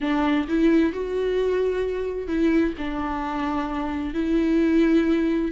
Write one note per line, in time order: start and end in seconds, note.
0.01 0.47 D4
0.48 0.93 E4
0.93 2.27 F#4
2.27 2.73 E4
2.78 4.14 D4
4.14 5.51 E4